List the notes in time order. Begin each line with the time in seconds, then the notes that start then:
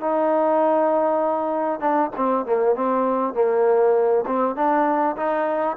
0.00 D#4
1.80 D4
2.16 C4
2.45 A#3
2.75 C4
3.34 A#3
4.26 C4
4.55 D4
5.16 D#4